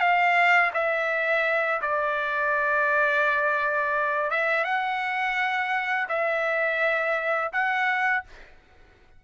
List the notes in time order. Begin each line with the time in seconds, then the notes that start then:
0.00 F5
0.74 E5
1.82 D5
4.31 E5
4.64 F#5
6.09 E5
7.53 F#5